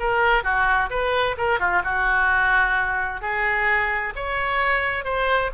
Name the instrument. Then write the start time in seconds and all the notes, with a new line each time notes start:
oboe
0.00 A#4
0.44 F#4
0.90 B4
1.38 A#4
1.60 F4
1.84 F#4
3.22 G#4
4.16 C#5
5.05 C5